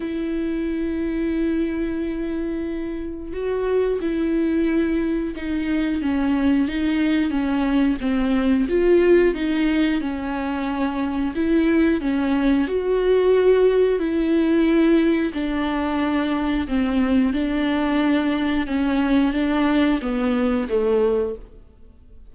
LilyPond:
\new Staff \with { instrumentName = "viola" } { \time 4/4 \tempo 4 = 90 e'1~ | e'4 fis'4 e'2 | dis'4 cis'4 dis'4 cis'4 | c'4 f'4 dis'4 cis'4~ |
cis'4 e'4 cis'4 fis'4~ | fis'4 e'2 d'4~ | d'4 c'4 d'2 | cis'4 d'4 b4 a4 | }